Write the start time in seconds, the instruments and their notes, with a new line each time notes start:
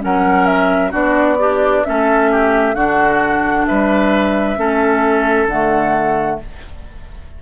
0.00 bassoon F#3, clarinet C#4, oboe A#4, flute F#5
0.46 flute E5
0.91 bassoon B3, clarinet D4, oboe F#4, flute D5
1.39 oboe D4, clarinet G4
1.84 bassoon A3, clarinet C#4, oboe A4, flute E5
2.31 oboe G4
2.74 bassoon D3, clarinet D4, oboe F#4, flute F#5
3.66 bassoon G3, oboe B4, flute E5
4.57 bassoon A3, clarinet C#4, oboe A4
5.46 bassoon D3, clarinet A3, flute F#5